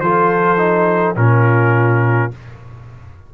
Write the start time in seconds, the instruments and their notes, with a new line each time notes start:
0.00 tuba F3, trombone F4, horn A4, trumpet C5
0.58 trombone D#4
1.16 tuba A#2, trombone C#4, horn F4, trumpet A#4